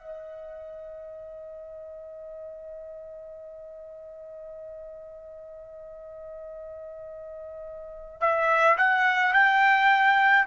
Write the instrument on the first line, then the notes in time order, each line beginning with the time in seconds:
trumpet
0.00 D#5
8.21 E5
8.78 F#5
9.33 G5